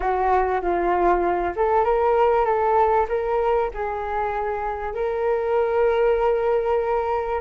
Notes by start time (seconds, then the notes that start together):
0.00 F#4
0.61 F4
1.55 A4
1.84 A#4
2.45 A4
3.08 A#4
3.73 G#4
4.94 A#4